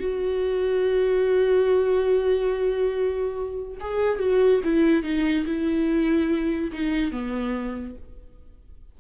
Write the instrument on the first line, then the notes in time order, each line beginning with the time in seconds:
viola
0.00 F#4
3.80 G#4
4.19 F#4
4.64 E4
5.03 D#4
5.46 E4
6.72 D#4
7.12 B3